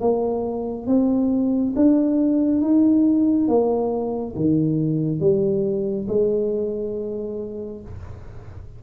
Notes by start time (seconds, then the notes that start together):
0.00 A#3
0.87 C4
1.76 D4
2.61 D#4
3.47 A#3
4.35 D#3
5.20 G3
6.08 G#3